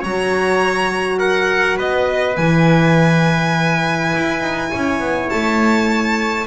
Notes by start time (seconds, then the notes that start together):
0.00 F#3 F#4 C#5 A#5
1.19 A#4 F#5
1.78 B3 B4 D#5
2.37 E3 E4 G#5
4.16 E4
4.41 D#4
4.72 C#4 C#5
5.00 B3
5.30 A3 A5